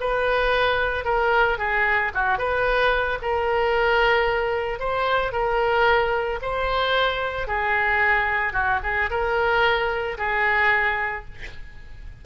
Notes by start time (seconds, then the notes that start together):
0.00 B4
1.04 A#4
1.58 G#4
2.14 F#4
2.38 B4
3.21 A#4
4.79 C5
5.32 A#4
6.42 C5
7.47 G#4
8.53 F#4
8.83 G#4
9.10 A#4
10.18 G#4